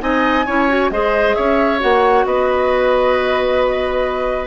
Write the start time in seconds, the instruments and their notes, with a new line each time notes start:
0.00 bassoon C4, clarinet D#4, oboe D#5, flute G#5
0.46 bassoon C#4, clarinet E4, oboe C#5
0.69 clarinet F#4
0.91 bassoon G#3, clarinet G#4, oboe C5, flute D#5
1.35 bassoon C#4, oboe C#5, flute E5
1.80 bassoon A#3, clarinet F#4, flute F#5
2.26 bassoon B3, oboe B4, flute D#5